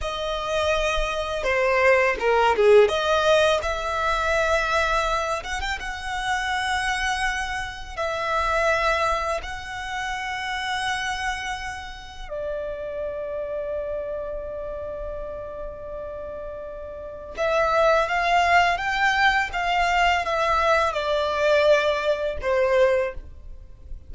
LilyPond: \new Staff \with { instrumentName = "violin" } { \time 4/4 \tempo 4 = 83 dis''2 c''4 ais'8 gis'8 | dis''4 e''2~ e''8 fis''16 g''16 | fis''2. e''4~ | e''4 fis''2.~ |
fis''4 d''2.~ | d''1 | e''4 f''4 g''4 f''4 | e''4 d''2 c''4 | }